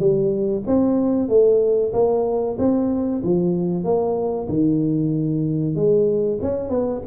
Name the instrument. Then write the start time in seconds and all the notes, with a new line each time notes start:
tuba
0.00 G3
0.67 C4
1.29 A3
1.93 A#3
2.59 C4
3.24 F3
3.84 A#3
4.49 D#3
5.76 G#3
6.42 C#4
6.70 B3